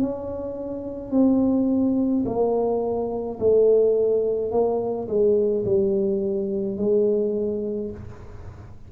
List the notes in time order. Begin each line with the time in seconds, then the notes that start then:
0.00 C#4
1.12 C4
2.26 A#3
3.40 A3
4.52 A#3
5.08 G#3
5.66 G3
6.78 G#3